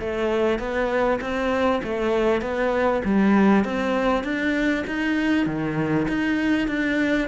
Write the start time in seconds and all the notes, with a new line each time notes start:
0.00 A3
0.59 B3
1.21 C4
1.83 A3
2.41 B3
3.04 G3
3.64 C4
4.23 D4
4.87 D#4
5.46 D#3
6.08 D#4
6.67 D4